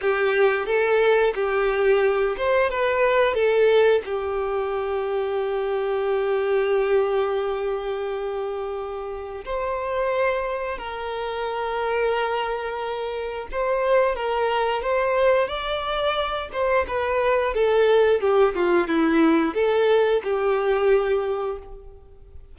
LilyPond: \new Staff \with { instrumentName = "violin" } { \time 4/4 \tempo 4 = 89 g'4 a'4 g'4. c''8 | b'4 a'4 g'2~ | g'1~ | g'2 c''2 |
ais'1 | c''4 ais'4 c''4 d''4~ | d''8 c''8 b'4 a'4 g'8 f'8 | e'4 a'4 g'2 | }